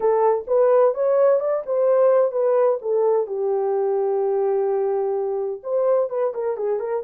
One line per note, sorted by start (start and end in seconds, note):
0.00 0.45 A4
0.47 0.94 B4
0.94 1.39 C#5
1.39 1.63 D5
1.65 2.31 C5
2.31 2.78 B4
2.81 3.26 A4
3.26 5.61 G4
5.63 6.09 C5
6.09 6.33 B4
6.34 6.56 A#4
6.56 6.79 G#4
6.79 7.03 A#4